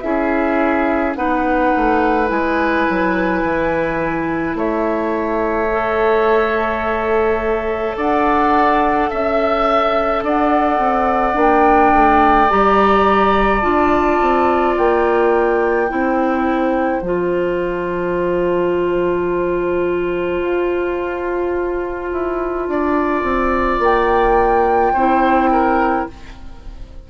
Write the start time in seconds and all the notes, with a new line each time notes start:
0.00 C#4 E4 G#4 E5
1.15 B3 D#4 B4 F#5
1.76 A3
2.26 G#3 E4 G#5
2.89 F#3
3.43 E3
4.55 A3 C#5 E5
5.71 A4
7.97 D4 D5 F#5
9.09 C#4 E5
10.23 D4 D5 F#5
10.78 C4
11.34 A#3 D4 G5
11.92 A3
12.50 G3 G4 A#5
13.61 D4 F4 A5
14.21 C4
14.77 A#3 G5
15.88 C4 E4 C5
17.01 F3 F4 A5
20.41 F4
22.12 E4
22.68 D4 D5
23.23 C4
23.79 A#3 G5
24.93 C4 E4 C5
25.52 A#4